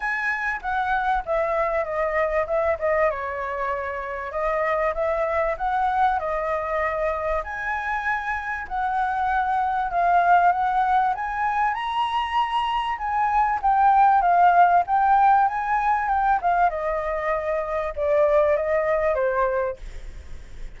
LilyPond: \new Staff \with { instrumentName = "flute" } { \time 4/4 \tempo 4 = 97 gis''4 fis''4 e''4 dis''4 | e''8 dis''8 cis''2 dis''4 | e''4 fis''4 dis''2 | gis''2 fis''2 |
f''4 fis''4 gis''4 ais''4~ | ais''4 gis''4 g''4 f''4 | g''4 gis''4 g''8 f''8 dis''4~ | dis''4 d''4 dis''4 c''4 | }